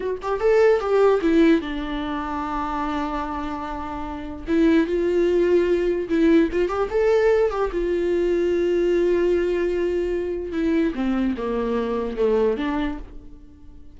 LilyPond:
\new Staff \with { instrumentName = "viola" } { \time 4/4 \tempo 4 = 148 fis'8 g'8 a'4 g'4 e'4 | d'1~ | d'2. e'4 | f'2. e'4 |
f'8 g'8 a'4. g'8 f'4~ | f'1~ | f'2 e'4 c'4 | ais2 a4 d'4 | }